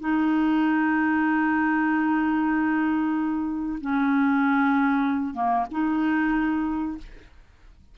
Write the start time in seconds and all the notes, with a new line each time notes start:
0.00 D#4
3.81 C#4
5.34 A#3
5.71 D#4